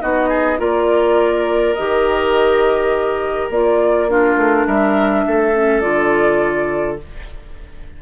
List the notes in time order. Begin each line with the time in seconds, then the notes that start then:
0.00 B3 D#4 F#4 D#5
0.29 G#4
0.58 A#3 F4 A#4 D5
1.74 D#3 G4 D#5
3.49 A#3 F4 D5
4.09 D4 F4 A#4
4.36 A3
4.67 G3 A#4 E5
5.27 A3 A4
5.54 C#4
5.80 D3 F4 D5